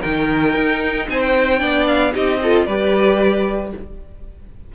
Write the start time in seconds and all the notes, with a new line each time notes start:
0.00 D#3 D#4 A#4 G5
0.55 D#4
1.09 C4 C5 G#5
1.19 G5
1.58 B3 D4 D5
1.87 F5
2.13 C4 D#4 G4 D#5
2.42 F4 A4
2.65 G3 G4 B4 D5